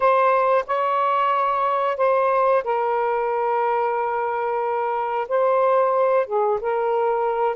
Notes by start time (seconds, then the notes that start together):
0.00 C5
0.67 C#5
1.97 C5
2.63 A#4
5.28 C5
6.26 G#4
6.61 A#4